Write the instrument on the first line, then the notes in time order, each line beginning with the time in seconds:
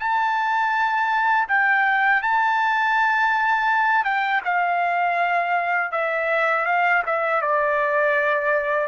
trumpet
0.00 A5
1.48 G5
2.23 A5
4.05 G5
4.45 F5
5.92 E5
6.66 F5
7.06 E5
7.42 D5